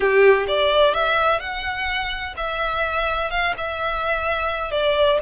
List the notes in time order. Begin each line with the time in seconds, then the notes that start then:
0.00 G4
0.47 D5
0.94 E5
1.39 F#5
2.36 E5
3.30 F5
3.57 E5
4.71 D5